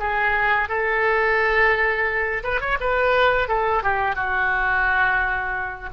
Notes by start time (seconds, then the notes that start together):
0.00 G#4
0.69 A4
2.44 B4
2.61 C#5
2.81 B4
3.49 A4
3.83 G4
4.16 F#4